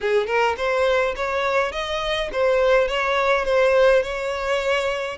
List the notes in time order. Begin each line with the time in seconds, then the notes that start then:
0.00 G#4
0.26 A#4
0.57 C5
1.16 C#5
1.72 D#5
2.32 C5
2.88 C#5
3.45 C5
4.02 C#5